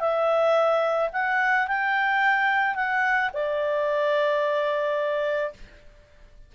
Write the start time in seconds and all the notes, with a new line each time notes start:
0.00 E5
1.13 F#5
1.68 G5
2.75 F#5
3.34 D5